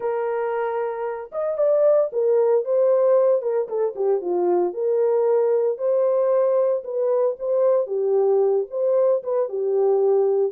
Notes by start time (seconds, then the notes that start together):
0.00 A#4
1.32 D#5
1.57 D5
2.12 A#4
2.65 C5
3.41 A#4
3.68 A4
3.95 G4
4.21 F4
4.73 A#4
5.78 C5
6.83 B4
7.39 C5
7.87 G4
8.70 C5
9.23 B4
9.49 G4